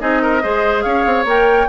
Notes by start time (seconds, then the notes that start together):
0.00 C4 D#4 G#4 D#5
0.22 A#4
0.43 G#3 G#4 C5
0.82 C#4 C#5 F5
1.06 C4
1.25 A#3 A#4 G5